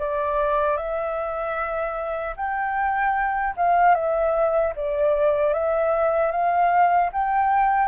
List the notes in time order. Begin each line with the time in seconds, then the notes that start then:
0.00 D5
0.78 E5
2.37 G5
3.57 F5
3.95 E5
4.76 D5
5.54 E5
6.32 F5
7.13 G5